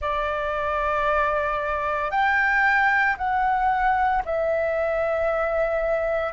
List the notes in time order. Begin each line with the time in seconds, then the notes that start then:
0.01 D5
2.11 G5
3.17 F#5
4.25 E5